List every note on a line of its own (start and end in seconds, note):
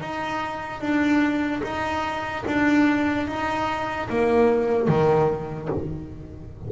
0.00 0.81 D#4
0.81 1.62 D4
1.63 2.44 D#4
2.46 3.27 D4
3.27 4.08 D#4
4.09 4.88 A#3
4.88 5.69 D#3